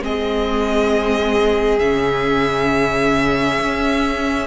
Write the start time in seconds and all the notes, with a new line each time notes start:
0.00 G#3 C4 G#4 D#5
1.78 C#3 C#4 E5
3.59 C#4